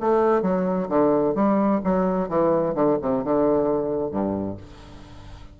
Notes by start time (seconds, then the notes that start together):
0.00 A3
0.42 F#3
0.89 D3
1.35 G3
1.84 F#3
2.29 E3
2.75 D3
3.01 C3
3.24 D3
4.11 G2